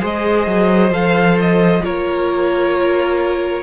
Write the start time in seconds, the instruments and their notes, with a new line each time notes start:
0.00 cello G#3, viola G#4, violin C5 D#5
0.47 cello F#3
0.91 cello F3, viola A4, violin F5
1.41 violin D#5
1.82 cello A#3, viola F4, violin A#4 C#5